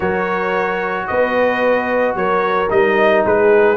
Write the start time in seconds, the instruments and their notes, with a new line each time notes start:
0.00 tuba F#3, trombone F#4, horn A#4, trumpet C#5
1.07 tuba B3, horn B4, trumpet D#5
2.14 tuba F#3, horn A#4, trumpet C#5
2.69 tuba G3, trombone D#4, trumpet D#5
3.25 tuba G#3, horn G#4, trumpet B4